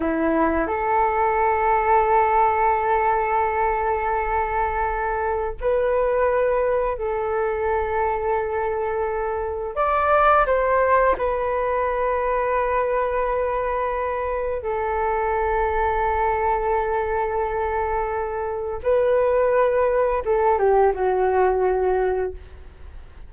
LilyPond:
\new Staff \with { instrumentName = "flute" } { \time 4/4 \tempo 4 = 86 e'4 a'2.~ | a'1 | b'2 a'2~ | a'2 d''4 c''4 |
b'1~ | b'4 a'2.~ | a'2. b'4~ | b'4 a'8 g'8 fis'2 | }